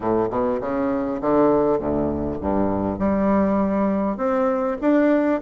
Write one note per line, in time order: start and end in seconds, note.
0.00 0.28 A2
0.30 0.60 B2
0.60 1.20 C#3
1.21 1.78 D3
1.78 2.38 D2
2.40 2.98 G2
2.98 4.17 G3
4.17 4.77 C4
4.81 5.41 D4